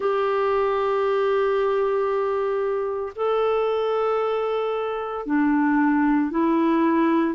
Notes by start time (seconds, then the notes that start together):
0.00 G4
3.15 A4
5.26 D4
6.30 E4